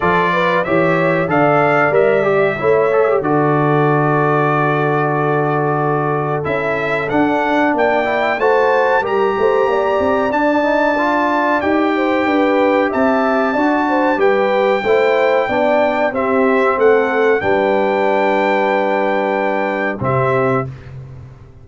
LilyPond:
<<
  \new Staff \with { instrumentName = "trumpet" } { \time 4/4 \tempo 4 = 93 d''4 e''4 f''4 e''4~ | e''4 d''2.~ | d''2 e''4 fis''4 | g''4 a''4 ais''2 |
a''2 g''2 | a''2 g''2~ | g''4 e''4 fis''4 g''4~ | g''2. e''4 | }
  \new Staff \with { instrumentName = "horn" } { \time 4/4 a'8 b'8 cis''4 d''2 | cis''4 a'2.~ | a'1 | d''4 c''4 ais'8 c''8 d''4~ |
d''2~ d''8 c''8 b'4 | e''4 d''8 c''8 b'4 c''4 | d''4 g'4 a'4 b'4~ | b'2. g'4 | }
  \new Staff \with { instrumentName = "trombone" } { \time 4/4 f'4 g'4 a'4 ais'8 g'8 | e'8 a'16 g'16 fis'2.~ | fis'2 e'4 d'4~ | d'8 e'8 fis'4 g'2 |
d'8 dis'8 f'4 g'2~ | g'4 fis'4 g'4 e'4 | d'4 c'2 d'4~ | d'2. c'4 | }
  \new Staff \with { instrumentName = "tuba" } { \time 4/4 f4 e4 d4 g4 | a4 d2.~ | d2 cis'4 d'4 | ais4 a4 g8 a8 ais8 c'8 |
d'2 dis'4 d'4 | c'4 d'4 g4 a4 | b4 c'4 a4 g4~ | g2. c4 | }
>>